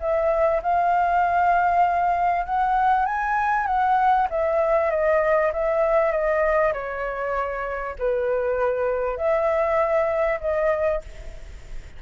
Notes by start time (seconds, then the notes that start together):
0.00 E5
0.62 F5
2.45 F#5
3.06 G#5
3.66 F#5
4.30 E5
4.90 D#5
5.53 E5
6.11 D#5
6.73 C#5
7.99 B4
9.17 E5
10.40 D#5